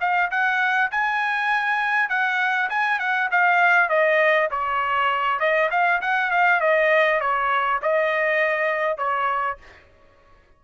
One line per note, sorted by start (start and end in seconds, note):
0.00 0.30 F5
0.30 0.90 F#5
0.91 2.09 G#5
2.09 2.69 F#5
2.69 2.99 G#5
2.99 3.29 F#5
3.31 3.89 F5
3.89 4.49 D#5
4.50 5.39 C#5
5.39 5.69 D#5
5.71 6.01 F5
6.01 6.30 F#5
6.30 6.60 F5
6.60 7.20 D#5
7.20 7.80 C#5
7.82 8.97 D#5
8.97 9.57 C#5